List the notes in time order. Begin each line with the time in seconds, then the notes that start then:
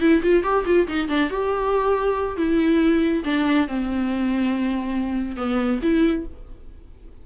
0.00 E4
0.22 F4
0.43 G4
0.65 F4
0.87 D#4
1.08 D4
1.30 G4
2.37 E4
3.24 D4
3.67 C4
5.36 B3
5.82 E4